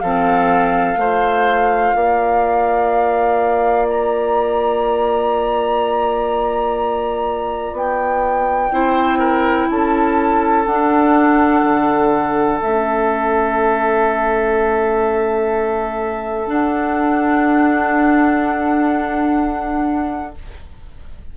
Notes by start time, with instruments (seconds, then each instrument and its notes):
0.00 bassoon F3, clarinet C4, oboe A4, flute F5
0.96 bassoon A3, clarinet F4, oboe C5
1.95 bassoon A#3, oboe D5
3.90 flute A#5
7.73 bassoon B3, flute G5
8.72 bassoon C4, clarinet E4, oboe C5
9.20 oboe A#4
9.70 bassoon C#4, oboe A4, flute A5
10.67 bassoon D4, clarinet D4, flute F#5
11.64 bassoon D3
12.62 bassoon A3, clarinet C#4, flute E5
16.48 clarinet D4, bassoon D4, flute F#5